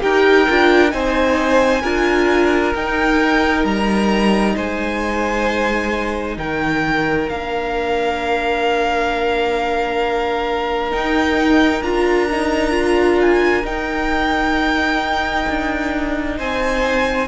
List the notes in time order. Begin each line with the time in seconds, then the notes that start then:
0.00 D#4 G4 A#4 G5
0.49 D4 F4
0.90 C4 D#4 C5 G#5
1.81 D4 F4 A#4
2.74 D#4 G5
3.64 G3 A#5
4.55 G#3 C5 G#5
6.37 D#3 A#4 G5
7.28 A#3 D4 F5
10.91 D#4 G5
11.81 D4 F4 A#5
12.30 D#4
12.71 F4
13.21 G#5
13.63 D#4 G5
15.48 D4
16.37 C4 C5 G#5